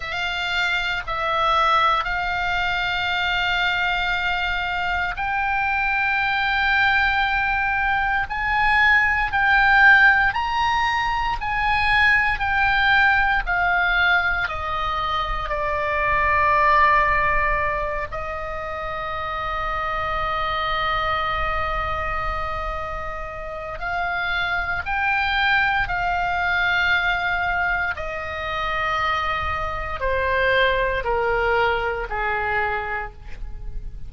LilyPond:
\new Staff \with { instrumentName = "oboe" } { \time 4/4 \tempo 4 = 58 f''4 e''4 f''2~ | f''4 g''2. | gis''4 g''4 ais''4 gis''4 | g''4 f''4 dis''4 d''4~ |
d''4. dis''2~ dis''8~ | dis''2. f''4 | g''4 f''2 dis''4~ | dis''4 c''4 ais'4 gis'4 | }